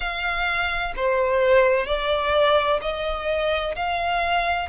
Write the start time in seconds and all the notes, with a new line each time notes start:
0.00 F5
0.96 C5
1.86 D5
2.81 D#5
3.75 F5